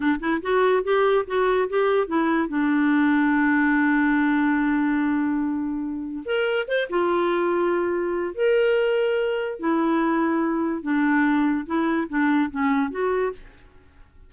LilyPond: \new Staff \with { instrumentName = "clarinet" } { \time 4/4 \tempo 4 = 144 d'8 e'8 fis'4 g'4 fis'4 | g'4 e'4 d'2~ | d'1~ | d'2. ais'4 |
c''8 f'2.~ f'8 | ais'2. e'4~ | e'2 d'2 | e'4 d'4 cis'4 fis'4 | }